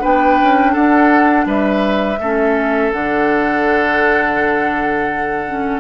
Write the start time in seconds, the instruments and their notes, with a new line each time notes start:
0.00 bassoon B3, clarinet D4, oboe B4, flute G5
0.42 bassoon C#4
0.73 bassoon D4, oboe A4, flute F#5
1.46 bassoon G3, oboe B4, flute E5
2.19 bassoon A3, clarinet C#4, oboe A4
2.92 bassoon D3, clarinet D4, flute F#5
5.48 clarinet C#4